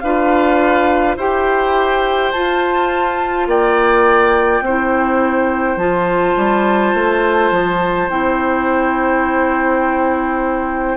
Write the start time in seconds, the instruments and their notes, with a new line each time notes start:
0.00 bassoon D4, clarinet F4, oboe B4, flute F5
1.16 bassoon E4, clarinet G4, oboe C5, flute G5
2.32 clarinet F4, bassoon F4, flute A5
3.46 bassoon A#3, oboe D5, flute G5
4.61 bassoon C4, oboe C5
4.68 clarinet E4
5.76 bassoon F3, clarinet F4, flute A5
6.37 bassoon G3
6.94 bassoon A3
7.51 bassoon F3
8.10 bassoon C4, clarinet E4, flute G5